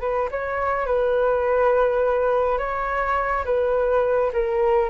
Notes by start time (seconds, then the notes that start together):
0.00 B4
0.31 C#5
0.86 B4
2.58 C#5
3.45 B4
4.33 A#4